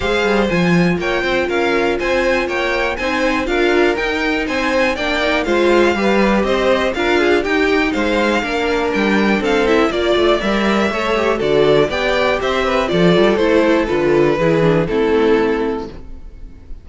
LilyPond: <<
  \new Staff \with { instrumentName = "violin" } { \time 4/4 \tempo 4 = 121 f''4 gis''4 g''4 f''4 | gis''4 g''4 gis''4 f''4 | g''4 gis''4 g''4 f''4~ | f''4 dis''4 f''4 g''4 |
f''2 g''4 f''8 e''8 | d''4 e''2 d''4 | g''4 e''4 d''4 c''4 | b'2 a'2 | }
  \new Staff \with { instrumentName = "violin" } { \time 4/4 c''2 cis''8 c''8 ais'4 | c''4 cis''4 c''4 ais'4~ | ais'4 c''4 d''4 c''4 | b'4 c''4 ais'8 gis'8 g'4 |
c''4 ais'2 a'4 | d''2 cis''4 a'4 | d''4 c''8 b'8 a'2~ | a'4 gis'4 e'2 | }
  \new Staff \with { instrumentName = "viola" } { \time 4/4 gis'4 f'2.~ | f'2 dis'4 f'4 | dis'2 d'8 dis'8 f'4 | g'2 f'4 dis'4~ |
dis'4 d'2~ d'8 e'8 | f'4 ais'4 a'8 g'8 fis'4 | g'2 f'4 e'4 | f'4 e'8 d'8 c'2 | }
  \new Staff \with { instrumentName = "cello" } { \time 4/4 gis8 g8 f4 ais8 c'8 cis'4 | c'4 ais4 c'4 d'4 | dis'4 c'4 ais4 gis4 | g4 c'4 d'4 dis'4 |
gis4 ais4 g4 c'4 | ais8 a8 g4 a4 d4 | b4 c'4 f8 g8 a4 | d4 e4 a2 | }
>>